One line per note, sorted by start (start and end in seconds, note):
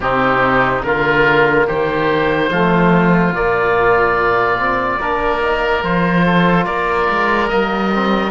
0.00 0.83 C3
0.00 0.84 C4
0.00 0.85 D#4
0.00 0.82 G4
0.82 1.67 D3
0.82 2.51 A#3
0.82 1.66 F4
0.82 1.65 A#4
1.66 2.50 D#3
1.66 2.50 G4
1.66 3.34 C5
2.50 3.32 F3
2.50 3.34 A3
2.50 5.00 F4
3.32 4.99 A#2
3.32 4.58 A#3
3.32 5.84 D5
4.58 4.99 C4
5.00 5.83 A#3
5.00 5.41 D4
5.00 6.25 A#4
5.41 5.83 D#4
5.83 6.66 F3
5.83 7.48 F4
5.83 6.65 C5
6.25 6.65 A4
6.65 7.08 A#3
6.65 8.30 A#4
6.65 7.48 D5
7.09 7.51 G#3
7.48 8.30 G3
7.48 7.90 A#3
7.48 8.30 D#5
7.94 8.30 C4